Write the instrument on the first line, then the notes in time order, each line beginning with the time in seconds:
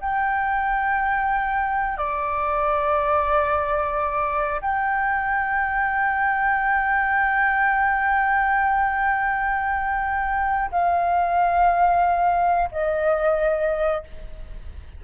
flute
0.00 G5
1.97 D5
4.61 G5
10.71 F5
12.72 D#5